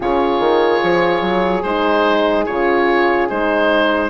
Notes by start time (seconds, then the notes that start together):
0.00 C#3 F4 G#4 C#5
0.39 D#3
0.83 F3
1.21 F#3
1.62 G#3 D#4 C5
2.46 C#3 F4 C#5
3.29 G#3 D#4 C5